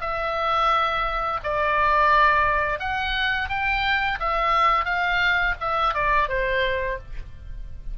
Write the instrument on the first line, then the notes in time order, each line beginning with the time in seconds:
oboe
0.00 E5
1.43 D5
2.79 F#5
3.49 G5
4.20 E5
4.85 F5
5.60 E5
5.94 D5
6.28 C5